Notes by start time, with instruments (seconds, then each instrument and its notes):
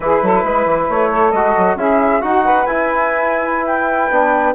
0.00 bassoon E3, trombone E4, saxophone G#4, flute B4
0.22 bassoon F#3, saxophone A4
0.43 bassoon G#3, saxophone B4
0.65 bassoon E3
0.89 bassoon A3, flute C#5
1.10 saxophone A4
1.31 bassoon G#3, trombone F#4, flute D#5
1.57 bassoon F#3
1.75 bassoon C#4, trombone E4, saxophone G#4, flute E5
2.21 bassoon D#4, trombone F#4, saxophone F#4, flute F#5
2.44 saxophone B4
2.66 bassoon E4, trombone E4, flute G#5
3.66 flute G5
4.10 bassoon B3, trombone D4